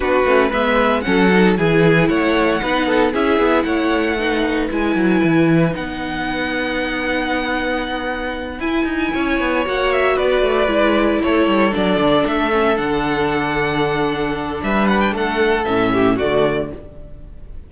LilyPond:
<<
  \new Staff \with { instrumentName = "violin" } { \time 4/4 \tempo 4 = 115 b'4 e''4 fis''4 gis''4 | fis''2 e''4 fis''4~ | fis''4 gis''2 fis''4~ | fis''1~ |
fis''8 gis''2 fis''8 e''8 d''8~ | d''4. cis''4 d''4 e''8~ | e''8 fis''2.~ fis''8 | e''8 fis''16 g''16 fis''4 e''4 d''4 | }
  \new Staff \with { instrumentName = "violin" } { \time 4/4 fis'4 b'4 a'4 gis'4 | cis''4 b'8 a'8 gis'4 cis''4 | b'1~ | b'1~ |
b'4. cis''2 b'8~ | b'4. a'2~ a'8~ | a'1 | b'4 a'4. g'8 fis'4 | }
  \new Staff \with { instrumentName = "viola" } { \time 4/4 d'8 cis'8 b4 cis'8 dis'8 e'4~ | e'4 dis'4 e'2 | dis'4 e'2 dis'4~ | dis'1~ |
dis'8 e'2 fis'4.~ | fis'8 e'2 d'4. | cis'8 d'2.~ d'8~ | d'2 cis'4 a4 | }
  \new Staff \with { instrumentName = "cello" } { \time 4/4 b8 a8 gis4 fis4 e4 | a4 b4 cis'8 b8 a4~ | a4 gis8 fis8 e4 b4~ | b1~ |
b8 e'8 dis'8 cis'8 b8 ais4 b8 | a8 gis4 a8 g8 fis8 d8 a8~ | a8 d2.~ d8 | g4 a4 a,4 d4 | }
>>